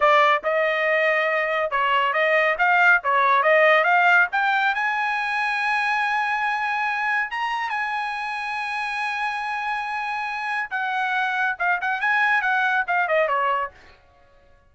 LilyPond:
\new Staff \with { instrumentName = "trumpet" } { \time 4/4 \tempo 4 = 140 d''4 dis''2. | cis''4 dis''4 f''4 cis''4 | dis''4 f''4 g''4 gis''4~ | gis''1~ |
gis''4 ais''4 gis''2~ | gis''1~ | gis''4 fis''2 f''8 fis''8 | gis''4 fis''4 f''8 dis''8 cis''4 | }